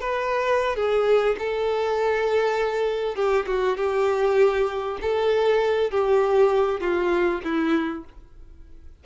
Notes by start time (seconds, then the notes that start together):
0.00 B4
0.75 G#4
1.38 A4
3.15 G4
3.46 F#4
3.77 G4
5.01 A4
5.91 G4
6.80 F4
7.43 E4